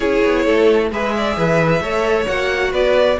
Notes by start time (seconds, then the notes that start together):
0.00 C#4 E4 G#4 C#5
0.24 B3
0.44 A3 A4
0.91 G#3 G#4 B4 E5
1.17 D5
1.36 E3 B4
1.81 A3 A4 C#5
2.27 A#3 F#4 F#5
2.71 B3 B4 D5